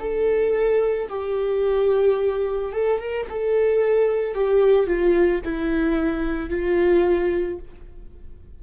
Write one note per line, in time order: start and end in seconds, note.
0.00 1.09 A4
1.09 2.73 G4
2.73 3.00 A4
3.00 3.27 A#4
3.30 4.35 A4
4.35 4.87 G4
4.87 5.41 F4
5.44 6.50 E4
6.50 7.59 F4